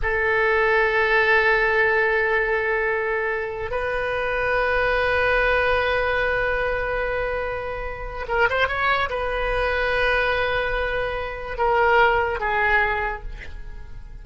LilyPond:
\new Staff \with { instrumentName = "oboe" } { \time 4/4 \tempo 4 = 145 a'1~ | a'1~ | a'4 b'2.~ | b'1~ |
b'1 | ais'8 c''8 cis''4 b'2~ | b'1 | ais'2 gis'2 | }